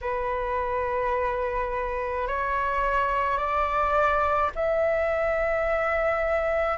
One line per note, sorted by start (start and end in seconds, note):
0.01 2.27 B4
2.27 3.37 C#5
3.37 4.50 D5
4.55 6.77 E5